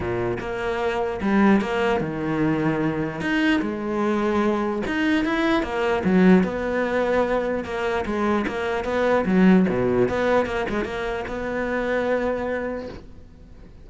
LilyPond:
\new Staff \with { instrumentName = "cello" } { \time 4/4 \tempo 4 = 149 ais,4 ais2 g4 | ais4 dis2. | dis'4 gis2. | dis'4 e'4 ais4 fis4 |
b2. ais4 | gis4 ais4 b4 fis4 | b,4 b4 ais8 gis8 ais4 | b1 | }